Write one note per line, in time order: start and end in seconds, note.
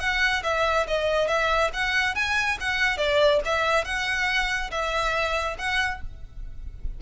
0.00 0.43 F#5
0.44 0.87 E5
0.88 1.28 D#5
1.28 1.71 E5
1.74 2.15 F#5
2.15 2.58 G#5
2.60 2.98 F#5
2.98 3.41 D5
3.45 3.85 E5
3.85 4.71 F#5
4.71 5.57 E5
5.59 6.01 F#5